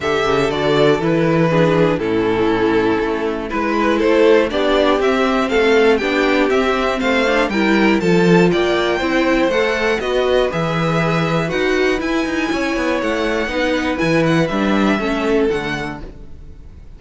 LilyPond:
<<
  \new Staff \with { instrumentName = "violin" } { \time 4/4 \tempo 4 = 120 e''4 d''4 b'2 | a'2. b'4 | c''4 d''4 e''4 f''4 | g''4 e''4 f''4 g''4 |
a''4 g''2 fis''4 | dis''4 e''2 fis''4 | gis''2 fis''2 | gis''8 fis''8 e''2 fis''4 | }
  \new Staff \with { instrumentName = "violin" } { \time 4/4 a'2. gis'4 | e'2. b'4 | a'4 g'2 a'4 | g'2 c''4 ais'4 |
a'4 d''4 c''2 | b'1~ | b'4 cis''2 b'4~ | b'2 a'2 | }
  \new Staff \with { instrumentName = "viola" } { \time 4/4 g'4 fis'4 e'4 d'4 | cis'2. e'4~ | e'4 d'4 c'2 | d'4 c'4. d'8 e'4 |
f'2 e'4 a'4 | fis'4 gis'2 fis'4 | e'2. dis'4 | e'4 d'4 cis'4 a4 | }
  \new Staff \with { instrumentName = "cello" } { \time 4/4 d8 cis8 d4 e2 | a,2 a4 gis4 | a4 b4 c'4 a4 | b4 c'4 a4 g4 |
f4 ais4 c'4 a4 | b4 e2 dis'4 | e'8 dis'8 cis'8 b8 a4 b4 | e4 g4 a4 d4 | }
>>